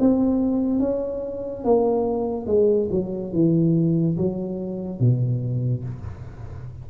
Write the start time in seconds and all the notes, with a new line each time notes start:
0.00 C4
0.80 C#4
1.64 A#3
2.47 G#3
2.91 F#3
3.33 E3
4.18 F#3
5.00 B2